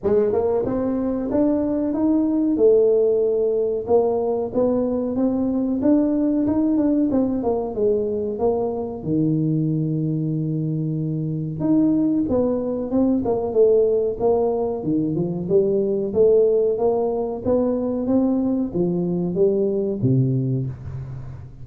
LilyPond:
\new Staff \with { instrumentName = "tuba" } { \time 4/4 \tempo 4 = 93 gis8 ais8 c'4 d'4 dis'4 | a2 ais4 b4 | c'4 d'4 dis'8 d'8 c'8 ais8 | gis4 ais4 dis2~ |
dis2 dis'4 b4 | c'8 ais8 a4 ais4 dis8 f8 | g4 a4 ais4 b4 | c'4 f4 g4 c4 | }